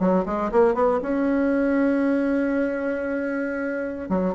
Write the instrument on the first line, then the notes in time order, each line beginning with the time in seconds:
bassoon
0.00 F#3
0.26 G#3
0.52 A#3
0.75 B3
1.02 C#4
4.10 F#3